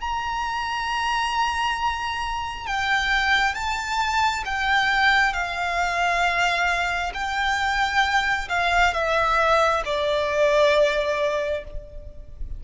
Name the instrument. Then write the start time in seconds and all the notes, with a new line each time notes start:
violin
0.00 A#5
2.66 G5
3.54 A5
4.45 G5
5.33 F5
7.14 G5
8.48 F5
8.93 E5
9.85 D5